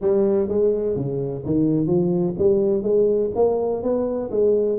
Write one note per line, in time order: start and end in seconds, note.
0.01 0.48 G3
0.48 0.95 G#3
0.96 1.43 C#3
1.45 1.86 D#3
1.86 2.34 F3
2.38 2.82 G3
2.82 3.30 G#3
3.35 3.82 A#3
3.82 4.30 B3
4.31 4.78 G#3